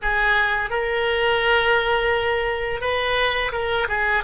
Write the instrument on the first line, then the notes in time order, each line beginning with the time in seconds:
oboe
0.02 G#4
0.70 A#4
2.80 B4
3.52 A#4
3.88 G#4